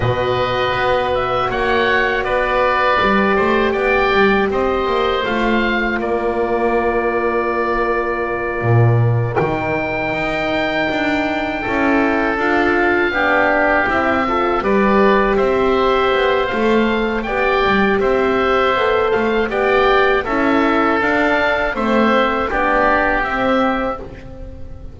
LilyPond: <<
  \new Staff \with { instrumentName = "oboe" } { \time 4/4 \tempo 4 = 80 dis''4. e''8 fis''4 d''4~ | d''4 g''4 dis''4 f''4 | d''1~ | d''8 g''2.~ g''8~ |
g''8 f''2 e''4 d''8~ | d''8 e''4. f''4 g''4 | e''4. f''8 g''4 e''4 | f''4 e''4 d''4 e''4 | }
  \new Staff \with { instrumentName = "oboe" } { \time 4/4 b'2 cis''4 b'4~ | b'8 c''8 d''4 c''2 | ais'1~ | ais'2.~ ais'8 a'8~ |
a'4. g'4. a'8 b'8~ | b'8 c''2~ c''8 d''4 | c''2 d''4 a'4~ | a'4 c''4 g'2 | }
  \new Staff \with { instrumentName = "horn" } { \time 4/4 fis'1 | g'2. f'4~ | f'1~ | f'8 dis'2. e'8~ |
e'8 f'4 d'4 e'8 f'8 g'8~ | g'2 a'4 g'4~ | g'4 a'4 g'4 e'4 | d'4 c'4 d'4 c'4 | }
  \new Staff \with { instrumentName = "double bass" } { \time 4/4 b,4 b4 ais4 b4 | g8 a8 b8 g8 c'8 ais8 a4 | ais2.~ ais8 ais,8~ | ais,8 dis4 dis'4 d'4 cis'8~ |
cis'8 d'4 b4 c'4 g8~ | g8 c'4 b8 a4 b8 g8 | c'4 b8 a8 b4 cis'4 | d'4 a4 b4 c'4 | }
>>